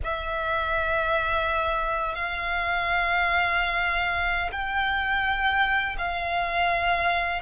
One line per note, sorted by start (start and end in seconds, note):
0.04 2.15 E5
2.15 4.50 F5
4.51 5.96 G5
5.98 7.42 F5